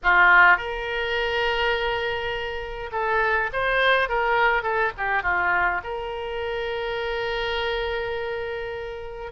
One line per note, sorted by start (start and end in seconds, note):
0.03 0.57 F4
0.57 2.90 A#4
2.92 3.50 A4
3.52 4.09 C5
4.09 4.62 A#4
4.62 4.91 A4
4.97 5.23 G4
5.23 5.81 F4
5.83 9.32 A#4